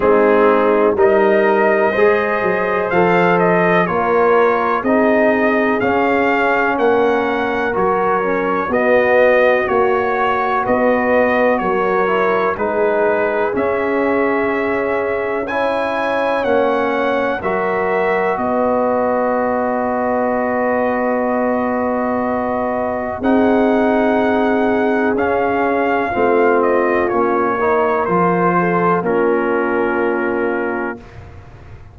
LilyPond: <<
  \new Staff \with { instrumentName = "trumpet" } { \time 4/4 \tempo 4 = 62 gis'4 dis''2 f''8 dis''8 | cis''4 dis''4 f''4 fis''4 | cis''4 dis''4 cis''4 dis''4 | cis''4 b'4 e''2 |
gis''4 fis''4 e''4 dis''4~ | dis''1 | fis''2 f''4. dis''8 | cis''4 c''4 ais'2 | }
  \new Staff \with { instrumentName = "horn" } { \time 4/4 dis'4 ais'4 c''2 | ais'4 gis'2 ais'4~ | ais'4 fis'2 b'4 | ais'4 gis'2. |
cis''2 ais'4 b'4~ | b'1 | gis'2. f'4~ | f'8 ais'4 a'8 f'2 | }
  \new Staff \with { instrumentName = "trombone" } { \time 4/4 c'4 dis'4 gis'4 a'4 | f'4 dis'4 cis'2 | fis'8 cis'8 b4 fis'2~ | fis'8 e'8 dis'4 cis'2 |
e'4 cis'4 fis'2~ | fis'1 | dis'2 cis'4 c'4 | cis'8 dis'8 f'4 cis'2 | }
  \new Staff \with { instrumentName = "tuba" } { \time 4/4 gis4 g4 gis8 fis8 f4 | ais4 c'4 cis'4 ais4 | fis4 b4 ais4 b4 | fis4 gis4 cis'2~ |
cis'4 ais4 fis4 b4~ | b1 | c'2 cis'4 a4 | ais4 f4 ais2 | }
>>